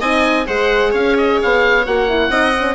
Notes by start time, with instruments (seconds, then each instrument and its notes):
0.00 bassoon C4, horn D#4, viola D#5, oboe G#5
0.46 bassoon G#3, horn G#4, viola C5, oboe F#5
0.91 bassoon C#4, viola C#5, oboe F5
1.17 oboe D#5
1.42 bassoon B3, oboe F5
1.85 bassoon A#3, horn F#4, oboe F#5
2.08 horn E4
2.29 bassoon C4, horn D#4, viola D#5
2.59 horn C#4